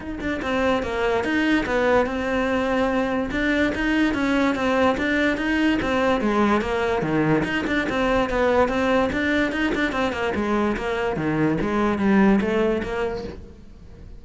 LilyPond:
\new Staff \with { instrumentName = "cello" } { \time 4/4 \tempo 4 = 145 dis'8 d'8 c'4 ais4 dis'4 | b4 c'2. | d'4 dis'4 cis'4 c'4 | d'4 dis'4 c'4 gis4 |
ais4 dis4 dis'8 d'8 c'4 | b4 c'4 d'4 dis'8 d'8 | c'8 ais8 gis4 ais4 dis4 | gis4 g4 a4 ais4 | }